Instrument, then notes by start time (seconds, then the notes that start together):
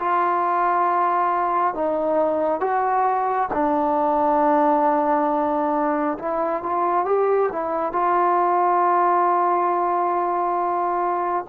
trombone
0.00 F4
1.74 D#4
2.61 F#4
3.54 D4
6.19 E4
6.63 F4
7.05 G4
7.52 E4
7.93 F4